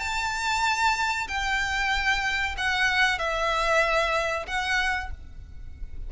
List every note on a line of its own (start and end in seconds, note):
0.00 1.27 A5
1.28 2.56 G5
2.58 3.19 F#5
3.19 4.47 E5
4.47 5.11 F#5